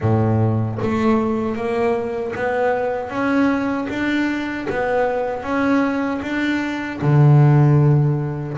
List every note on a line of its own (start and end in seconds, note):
0.00 0.78 A2
0.81 1.55 A3
1.55 2.33 A#3
2.36 3.09 B3
3.09 3.87 C#4
3.89 4.67 D4
4.69 5.42 B3
5.42 6.20 C#4
6.22 7.00 D4
7.01 8.57 D3